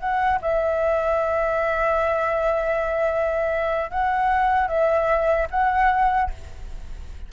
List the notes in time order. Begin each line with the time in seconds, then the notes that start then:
0.00 F#5
0.42 E5
3.91 F#5
4.68 E5
5.51 F#5